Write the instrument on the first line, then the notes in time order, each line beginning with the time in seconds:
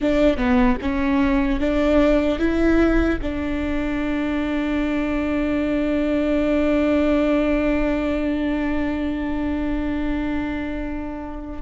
viola
0.00 D4
0.37 B3
0.81 C#4
1.60 D4
2.39 E4
3.22 D4